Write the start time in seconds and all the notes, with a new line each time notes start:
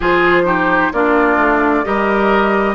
0.00 F3 F4 G#4 C5
0.45 D#4 G4
0.92 A#3 D4 F4 D5
1.37 A3
1.84 G3 G4 A#4 D#5